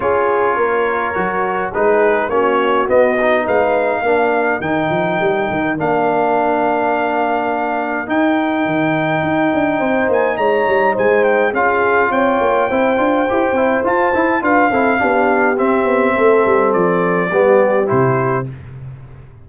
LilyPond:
<<
  \new Staff \with { instrumentName = "trumpet" } { \time 4/4 \tempo 4 = 104 cis''2. b'4 | cis''4 dis''4 f''2 | g''2 f''2~ | f''2 g''2~ |
g''4. gis''8 ais''4 gis''8 g''8 | f''4 g''2. | a''4 f''2 e''4~ | e''4 d''2 c''4 | }
  \new Staff \with { instrumentName = "horn" } { \time 4/4 gis'4 ais'2 gis'4 | fis'2 b'4 ais'4~ | ais'1~ | ais'1~ |
ais'4 c''4 cis''4 c''4 | gis'4 cis''4 c''2~ | c''4 b'8 a'8 g'2 | a'2 g'2 | }
  \new Staff \with { instrumentName = "trombone" } { \time 4/4 f'2 fis'4 dis'4 | cis'4 b8 dis'4. d'4 | dis'2 d'2~ | d'2 dis'2~ |
dis'1 | f'2 e'8 f'8 g'8 e'8 | f'8 e'8 f'8 e'8 d'4 c'4~ | c'2 b4 e'4 | }
  \new Staff \with { instrumentName = "tuba" } { \time 4/4 cis'4 ais4 fis4 gis4 | ais4 b4 gis4 ais4 | dis8 f8 g8 dis8 ais2~ | ais2 dis'4 dis4 |
dis'8 d'8 c'8 ais8 gis8 g8 gis4 | cis'4 c'8 ais8 c'8 d'8 e'8 c'8 | f'8 e'8 d'8 c'8 b4 c'8 b8 | a8 g8 f4 g4 c4 | }
>>